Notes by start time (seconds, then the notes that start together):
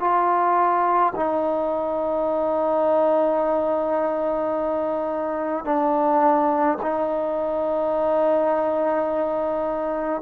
0.00 F4
1.16 D#4
5.65 D4
6.82 D#4